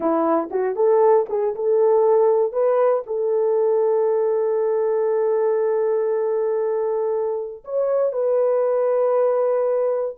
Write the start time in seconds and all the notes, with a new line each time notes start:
0.00 E4
0.50 F#4
0.75 A4
1.29 G#4
1.55 A4
2.52 B4
3.06 A4
7.64 C#5
8.12 B4